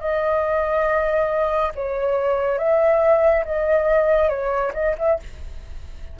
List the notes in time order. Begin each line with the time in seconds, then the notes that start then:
0.00 D#5
1.75 C#5
2.58 E5
3.45 D#5
4.29 C#5
4.73 D#5
4.98 E5